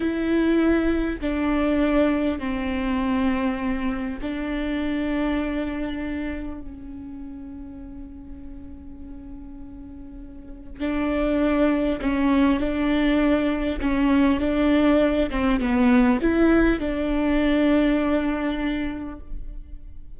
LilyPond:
\new Staff \with { instrumentName = "viola" } { \time 4/4 \tempo 4 = 100 e'2 d'2 | c'2. d'4~ | d'2. cis'4~ | cis'1~ |
cis'2 d'2 | cis'4 d'2 cis'4 | d'4. c'8 b4 e'4 | d'1 | }